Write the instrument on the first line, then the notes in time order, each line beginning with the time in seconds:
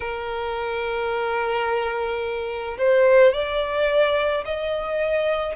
violin
0.00 A#4
2.78 C5
3.33 D5
4.44 D#5